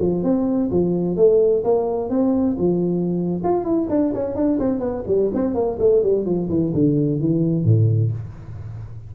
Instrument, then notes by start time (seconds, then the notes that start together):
tuba
0.00 F3
0.24 C4
0.71 F3
1.17 A3
1.64 A#3
2.10 C4
2.59 F3
3.44 F4
3.65 E4
3.90 D4
4.14 C#4
4.36 D4
4.60 C4
4.80 B3
5.07 G3
5.35 C4
5.55 A#3
5.80 A3
6.03 G3
6.26 F3
6.50 E3
6.74 D3
7.20 E3
7.65 A2